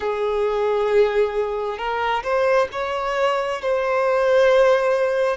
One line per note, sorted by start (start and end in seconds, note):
0.00 1.78 G#4
1.78 2.23 A#4
2.23 2.67 C5
2.72 3.61 C#5
3.61 5.36 C5